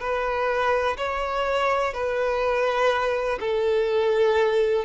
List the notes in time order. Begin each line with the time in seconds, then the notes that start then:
0.00 B4
0.97 C#5
1.94 B4
3.40 A4